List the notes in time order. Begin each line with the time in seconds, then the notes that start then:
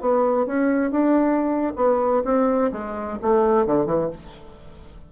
0.00 B3
0.46 C#4
0.91 D4
1.76 B3
2.24 C4
2.71 G#3
3.21 A3
3.66 D3
3.85 E3